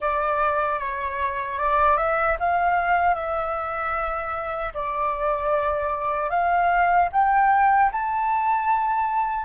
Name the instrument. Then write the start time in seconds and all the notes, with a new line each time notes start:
flute
0.00 D5
0.79 C#5
1.58 D5
1.97 E5
2.39 F5
3.14 E5
4.74 D5
6.29 F5
7.12 G5
7.92 A5